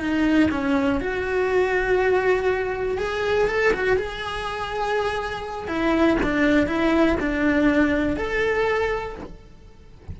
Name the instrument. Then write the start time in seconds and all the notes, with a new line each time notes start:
cello
0.00 D#4
0.51 C#4
1.01 F#4
2.98 G#4
3.48 A4
3.73 F#4
3.97 G#4
5.68 E4
6.23 D4
6.67 E4
7.20 D4
8.17 A4